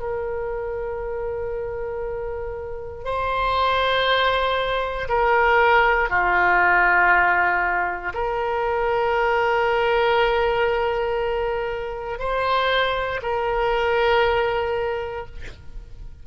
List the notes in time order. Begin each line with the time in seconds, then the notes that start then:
0.00 A#4
3.05 C5
5.09 A#4
6.10 F4
8.14 A#4
12.19 C5
13.22 A#4